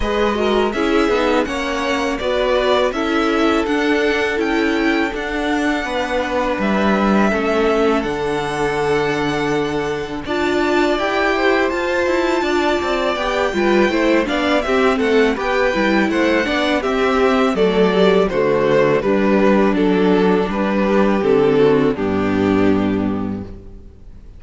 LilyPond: <<
  \new Staff \with { instrumentName = "violin" } { \time 4/4 \tempo 4 = 82 dis''4 e''4 fis''4 d''4 | e''4 fis''4 g''4 fis''4~ | fis''4 e''2 fis''4~ | fis''2 a''4 g''4 |
a''2 g''4. f''8 | e''8 fis''8 g''4 fis''4 e''4 | d''4 c''4 b'4 a'4 | b'4 a'4 g'2 | }
  \new Staff \with { instrumentName = "violin" } { \time 4/4 b'8 ais'8 gis'4 cis''4 b'4 | a'1 | b'2 a'2~ | a'2 d''4. c''8~ |
c''4 d''4. b'8 c''8 d''8 | g'8 a'8 b'4 c''8 d''8 g'4 | a'4 fis'4 d'2~ | d'8 g'4 fis'8 d'2 | }
  \new Staff \with { instrumentName = "viola" } { \time 4/4 gis'8 fis'8 e'8 dis'8 cis'4 fis'4 | e'4 d'4 e'4 d'4~ | d'2 cis'4 d'4~ | d'2 f'4 g'4 |
f'2 g'8 f'8 e'8 d'8 | c'4 g'8 e'4 d'8 c'4 | a8 g8 a4 g4 d'4~ | d'4 c'4 b2 | }
  \new Staff \with { instrumentName = "cello" } { \time 4/4 gis4 cis'8 b8 ais4 b4 | cis'4 d'4 cis'4 d'4 | b4 g4 a4 d4~ | d2 d'4 e'4 |
f'8 e'8 d'8 c'8 b8 g8 a8 b8 | c'8 a8 b8 g8 a8 b8 c'4 | fis4 d4 g4 fis4 | g4 d4 g,2 | }
>>